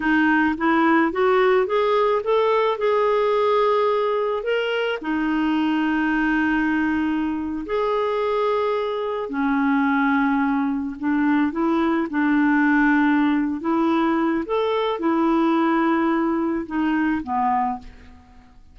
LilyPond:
\new Staff \with { instrumentName = "clarinet" } { \time 4/4 \tempo 4 = 108 dis'4 e'4 fis'4 gis'4 | a'4 gis'2. | ais'4 dis'2.~ | dis'4.~ dis'16 gis'2~ gis'16~ |
gis'8. cis'2. d'16~ | d'8. e'4 d'2~ d'16~ | d'8 e'4. a'4 e'4~ | e'2 dis'4 b4 | }